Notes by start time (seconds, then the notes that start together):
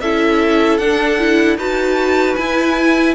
0.00 C#4 E4 A4 E5
0.77 D4 F#5
1.19 E4
1.57 D#4 F#4 B4 A5
2.35 E4 G#5